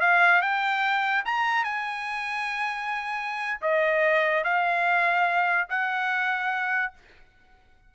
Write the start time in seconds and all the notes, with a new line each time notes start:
0.00 F5
0.41 G5
1.25 A#5
1.64 G#5
3.61 D#5
4.44 F5
5.69 F#5